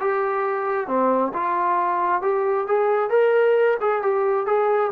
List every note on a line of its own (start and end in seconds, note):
0.00 0.87 G4
0.87 1.32 C4
1.33 2.22 F4
2.22 2.67 G4
2.67 3.09 G#4
3.09 3.77 A#4
3.80 4.02 G#4
4.02 4.46 G4
4.46 4.91 G#4